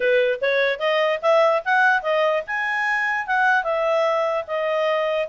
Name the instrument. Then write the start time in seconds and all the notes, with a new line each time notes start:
clarinet
0.00 B4
0.41 C#5
0.79 D#5
1.22 E5
1.65 F#5
2.02 D#5
2.46 G#5
3.26 F#5
3.63 E5
4.47 D#5